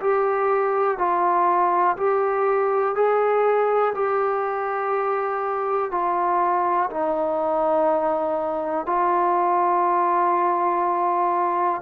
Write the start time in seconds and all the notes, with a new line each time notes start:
0.00 G4
0.98 F4
1.97 G4
2.95 G#4
3.95 G4
5.91 F4
6.90 D#4
8.86 F4